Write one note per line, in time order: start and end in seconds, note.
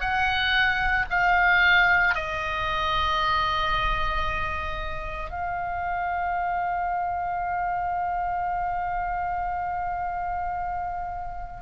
0.00 1.05 F#5
1.10 2.14 F5
2.14 5.30 D#5
5.30 11.61 F5